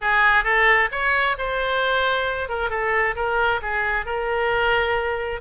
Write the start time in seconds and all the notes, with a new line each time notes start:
0.01 G#4
0.44 A4
0.91 C#5
1.38 C5
2.48 A#4
2.69 A4
3.15 A#4
3.62 G#4
4.05 A#4